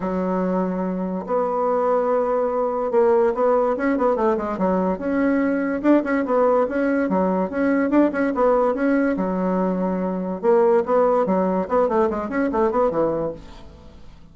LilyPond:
\new Staff \with { instrumentName = "bassoon" } { \time 4/4 \tempo 4 = 144 fis2. b4~ | b2. ais4 | b4 cis'8 b8 a8 gis8 fis4 | cis'2 d'8 cis'8 b4 |
cis'4 fis4 cis'4 d'8 cis'8 | b4 cis'4 fis2~ | fis4 ais4 b4 fis4 | b8 a8 gis8 cis'8 a8 b8 e4 | }